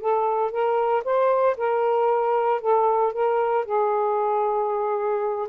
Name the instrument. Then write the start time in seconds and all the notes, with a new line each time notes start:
saxophone
0.00 A4
0.51 A#4
1.04 C5
1.57 A#4
2.61 A4
3.13 A#4
3.65 G#4